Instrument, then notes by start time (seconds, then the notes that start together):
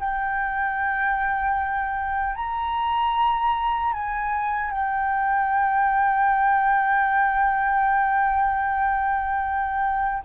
flute
0.00 G5
2.36 A#5
3.93 G#5
4.71 G5